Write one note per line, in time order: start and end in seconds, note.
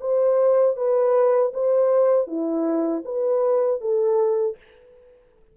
0.00 0.76 C5
0.76 1.52 B4
1.53 2.27 C5
2.27 3.03 E4
3.04 3.80 B4
3.80 4.56 A4